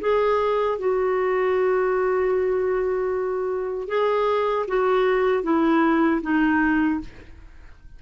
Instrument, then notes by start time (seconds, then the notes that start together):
clarinet
0.00 G#4
0.78 F#4
3.88 G#4
4.67 F#4
5.43 E4
6.22 D#4